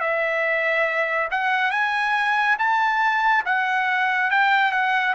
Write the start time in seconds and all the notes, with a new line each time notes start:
0.00 E5
1.31 F#5
1.71 G#5
2.58 A5
3.45 F#5
4.31 G5
4.71 F#5